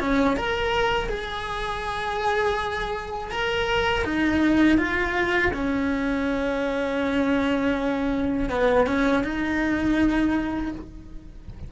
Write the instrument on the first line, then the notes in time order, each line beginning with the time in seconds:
cello
0.00 C#4
0.36 A#4
1.09 G#4
3.31 A#4
4.05 D#4
4.78 F4
5.54 C#4
8.49 B3
8.87 C#4
9.24 D#4